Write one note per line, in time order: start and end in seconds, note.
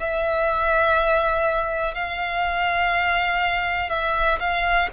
0.00 1.95 E5
1.95 3.90 F5
3.90 4.39 E5
4.40 4.89 F5